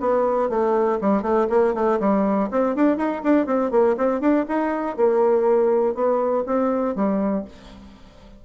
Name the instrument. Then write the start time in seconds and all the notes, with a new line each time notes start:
bassoon
0.00 B3
0.49 A3
1.01 G3
1.22 A3
1.49 A#3
1.74 A3
1.99 G3
2.51 C4
2.75 D4
2.97 D#4
3.23 D4
3.46 C4
3.71 A#3
3.97 C4
4.20 D4
4.48 D#4
4.96 A#3
5.94 B3
6.46 C4
6.95 G3